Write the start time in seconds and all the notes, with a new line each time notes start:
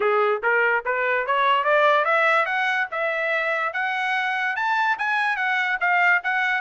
0.00 G#4
0.43 A#4
0.85 B4
1.26 C#5
1.64 D5
2.04 E5
2.45 F#5
2.91 E5
3.73 F#5
4.56 A5
4.98 G#5
5.36 F#5
5.80 F5
6.23 F#5